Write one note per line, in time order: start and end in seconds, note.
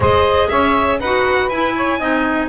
0.00 0.48 G#3
0.00 1.00 G#4
0.00 0.50 C5
0.00 0.49 D#5
0.49 0.99 C#4
0.49 0.99 C#5
0.49 0.99 E5
0.99 1.49 D#4
0.99 1.51 F#4
0.99 1.74 B4
0.99 1.49 F#5
1.49 1.99 E4
1.49 2.00 E4
1.49 2.49 G#5
1.76 1.98 C#5
1.98 2.49 C4
1.98 2.49 D#4
1.98 2.48 D#5